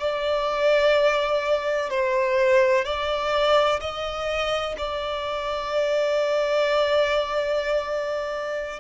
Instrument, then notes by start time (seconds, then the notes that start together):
violin
0.00 D5
1.90 C5
2.85 D5
3.81 D#5
4.77 D5